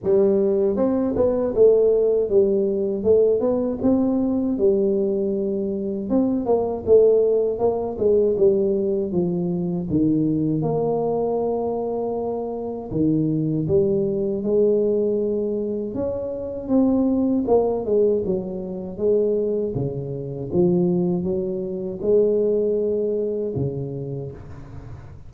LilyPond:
\new Staff \with { instrumentName = "tuba" } { \time 4/4 \tempo 4 = 79 g4 c'8 b8 a4 g4 | a8 b8 c'4 g2 | c'8 ais8 a4 ais8 gis8 g4 | f4 dis4 ais2~ |
ais4 dis4 g4 gis4~ | gis4 cis'4 c'4 ais8 gis8 | fis4 gis4 cis4 f4 | fis4 gis2 cis4 | }